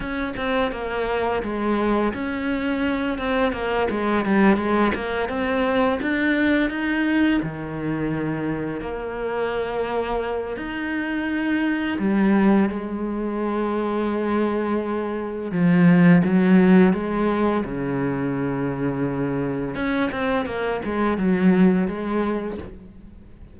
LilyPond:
\new Staff \with { instrumentName = "cello" } { \time 4/4 \tempo 4 = 85 cis'8 c'8 ais4 gis4 cis'4~ | cis'8 c'8 ais8 gis8 g8 gis8 ais8 c'8~ | c'8 d'4 dis'4 dis4.~ | dis8 ais2~ ais8 dis'4~ |
dis'4 g4 gis2~ | gis2 f4 fis4 | gis4 cis2. | cis'8 c'8 ais8 gis8 fis4 gis4 | }